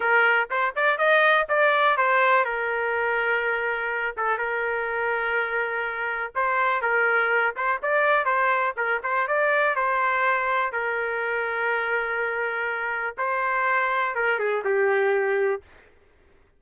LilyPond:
\new Staff \with { instrumentName = "trumpet" } { \time 4/4 \tempo 4 = 123 ais'4 c''8 d''8 dis''4 d''4 | c''4 ais'2.~ | ais'8 a'8 ais'2.~ | ais'4 c''4 ais'4. c''8 |
d''4 c''4 ais'8 c''8 d''4 | c''2 ais'2~ | ais'2. c''4~ | c''4 ais'8 gis'8 g'2 | }